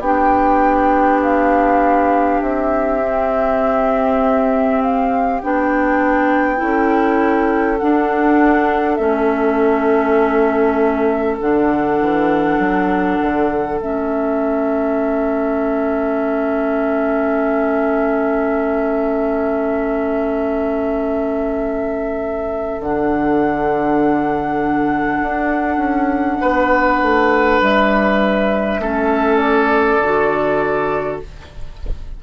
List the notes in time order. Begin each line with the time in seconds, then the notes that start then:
0.00 B3 D4 G4 G5
1.22 F5
2.42 C4 E5
3.01 C4
4.82 F5
5.41 B3 D4 G5
6.57 C#4 E4 A4
7.79 D4 F#5
8.96 A3 C#4 E5
11.41 D3 D4 F#5
12.01 E3
12.59 F#3
13.21 D3
13.79 A3 C#4 E5
22.80 D3 D4 F#5
25.22 D4
25.77 C#4
26.41 B3 B4
27.02 A3
27.61 G3 E5
28.79 A3 C#4 A4
29.37 D5
30.00 D3 F#4